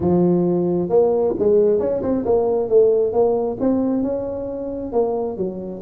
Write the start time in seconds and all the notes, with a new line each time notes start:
0.00 F3
0.89 A#3
1.38 G#3
1.79 C#4
2.02 C4
2.25 A#3
2.68 A3
3.12 A#3
3.59 C4
4.02 C#4
4.92 A#3
5.37 F#3